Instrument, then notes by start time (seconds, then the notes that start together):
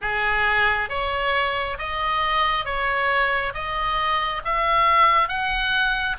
oboe
0.01 G#4
0.89 C#5
1.78 D#5
2.65 C#5
3.53 D#5
4.44 E5
5.28 F#5